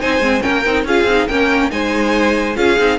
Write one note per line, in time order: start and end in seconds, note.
0.00 0.19 C4
0.00 0.21 D#4
0.00 0.42 C5
0.00 0.41 G#5
0.19 0.41 G#3
0.19 0.41 C4
0.41 0.65 A#3
0.41 0.62 C#4
0.41 0.85 A#4
0.41 0.84 G5
0.65 0.84 C4
0.65 0.87 D#4
0.84 1.04 C#4
0.84 1.08 F4
0.84 1.28 G#4
0.84 1.27 F5
1.04 1.25 C4
1.04 1.30 D#4
1.27 1.71 A#3
1.27 1.70 C#4
1.27 1.71 A#4
1.27 1.70 G5
1.70 2.56 G#3
1.70 2.55 D#4
1.70 2.57 C5
1.70 2.56 G#5
2.56 2.77 C#4
2.56 2.77 F4
2.56 2.98 G#4
2.56 2.98 F5
2.78 2.98 C4
2.78 2.98 D#4